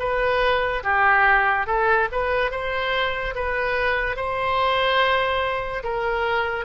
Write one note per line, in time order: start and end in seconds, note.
0.00 0.83 B4
0.84 1.67 G4
1.67 2.09 A4
2.12 2.51 B4
2.51 3.34 C5
3.35 4.17 B4
4.17 5.83 C5
5.84 6.66 A#4